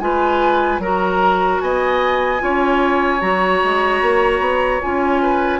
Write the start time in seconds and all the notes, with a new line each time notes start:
0.00 G#3 F4 B4 G#5
0.79 F#3 F#4 A#4 A#5
1.61 B3 D#5 G#5
2.39 C#4 F4 C#5
3.21 F#3 F#4 A#5
3.64 G#3
4.02 A#3
4.40 B3
4.82 C#4 F4 G#5
5.23 B4